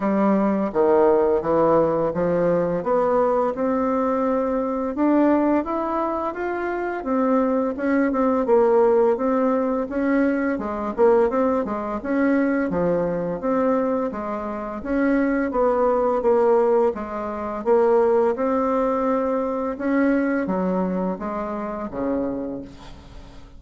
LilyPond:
\new Staff \with { instrumentName = "bassoon" } { \time 4/4 \tempo 4 = 85 g4 dis4 e4 f4 | b4 c'2 d'4 | e'4 f'4 c'4 cis'8 c'8 | ais4 c'4 cis'4 gis8 ais8 |
c'8 gis8 cis'4 f4 c'4 | gis4 cis'4 b4 ais4 | gis4 ais4 c'2 | cis'4 fis4 gis4 cis4 | }